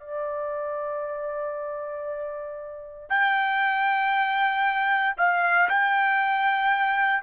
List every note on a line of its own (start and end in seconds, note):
0.00 3.09 D5
3.09 5.16 G5
5.17 5.69 F5
5.69 7.23 G5